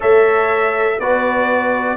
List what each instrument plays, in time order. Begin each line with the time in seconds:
0.00 tuba A3, trombone A4, horn C#5, trumpet E5
0.99 tuba B3, trombone F#4, horn B4, trumpet D5